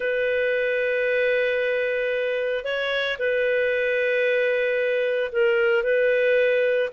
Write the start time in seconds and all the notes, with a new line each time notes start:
0.00 B4
2.64 C#5
3.18 B4
5.31 A#4
5.83 B4